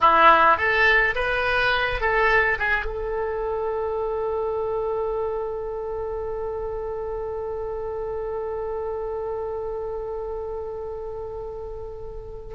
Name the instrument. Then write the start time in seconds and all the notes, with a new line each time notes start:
oboe
0.00 E4
0.57 A4
1.15 B4
2.01 A4
2.59 G#4
2.85 A4